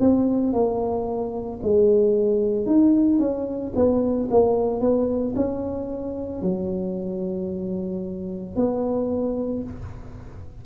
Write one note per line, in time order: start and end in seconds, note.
0.00 0.53 C4
0.53 1.60 A#3
1.63 2.66 G#3
2.66 3.19 D#4
3.19 3.73 C#4
3.75 4.29 B3
4.31 4.81 A#3
4.81 5.35 B3
5.36 6.42 C#4
6.42 8.56 F#3
8.56 9.63 B3